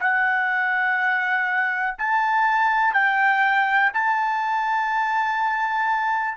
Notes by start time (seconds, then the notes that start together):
0.00 F#5
1.98 A5
2.93 G5
3.93 A5